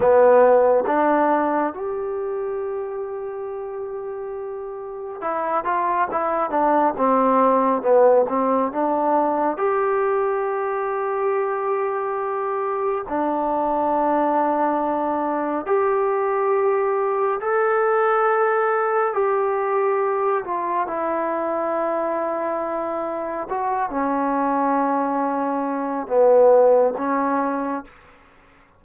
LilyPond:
\new Staff \with { instrumentName = "trombone" } { \time 4/4 \tempo 4 = 69 b4 d'4 g'2~ | g'2 e'8 f'8 e'8 d'8 | c'4 b8 c'8 d'4 g'4~ | g'2. d'4~ |
d'2 g'2 | a'2 g'4. f'8 | e'2. fis'8 cis'8~ | cis'2 b4 cis'4 | }